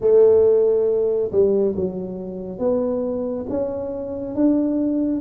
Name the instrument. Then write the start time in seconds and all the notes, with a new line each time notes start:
tuba
0.00 A3
1.31 G3
1.76 F#3
2.58 B3
3.49 C#4
4.35 D4